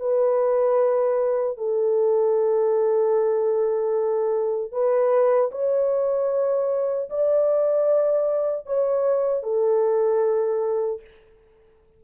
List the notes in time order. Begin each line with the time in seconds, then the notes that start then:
0.00 B4
1.58 A4
4.72 B4
5.52 C#5
7.10 D5
8.66 C#5
9.43 A4